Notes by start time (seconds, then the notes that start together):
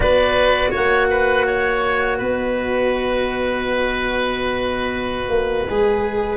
0.00 B3 F#4 B4 D5
0.70 A#3 C#5 F#5
1.09 B4
1.46 C#5
2.18 B3 B4 D#5
5.28 A#3
5.69 G#3 G#4